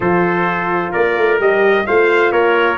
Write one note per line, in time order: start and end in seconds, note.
0.00 0.91 F3
0.00 1.39 F4
0.00 0.91 A4
0.00 0.92 C5
0.91 1.17 A#3
0.91 1.84 A#4
0.91 1.39 D5
1.17 1.39 A3
1.39 1.85 G3
1.39 1.85 G4
1.39 1.86 D#5
1.86 2.32 A3
1.86 2.77 F4
1.86 2.32 C5
1.86 2.32 F5
2.32 2.77 A#3
2.32 2.77 A#4
2.32 2.77 C#5